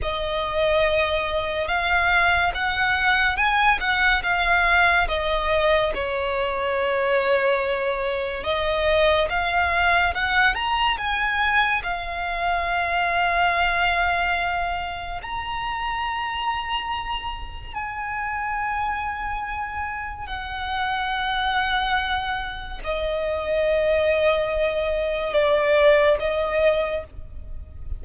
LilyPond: \new Staff \with { instrumentName = "violin" } { \time 4/4 \tempo 4 = 71 dis''2 f''4 fis''4 | gis''8 fis''8 f''4 dis''4 cis''4~ | cis''2 dis''4 f''4 | fis''8 ais''8 gis''4 f''2~ |
f''2 ais''2~ | ais''4 gis''2. | fis''2. dis''4~ | dis''2 d''4 dis''4 | }